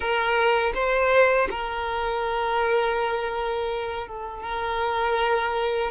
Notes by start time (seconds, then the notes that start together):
0.00 A#4
0.74 C5
1.50 A#4
4.07 A4
4.42 A#4